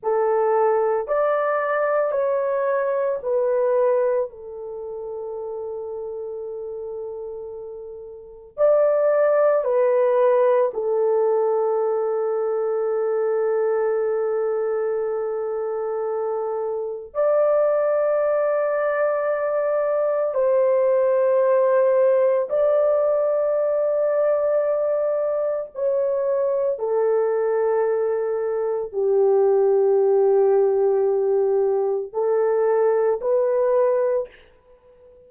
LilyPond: \new Staff \with { instrumentName = "horn" } { \time 4/4 \tempo 4 = 56 a'4 d''4 cis''4 b'4 | a'1 | d''4 b'4 a'2~ | a'1 |
d''2. c''4~ | c''4 d''2. | cis''4 a'2 g'4~ | g'2 a'4 b'4 | }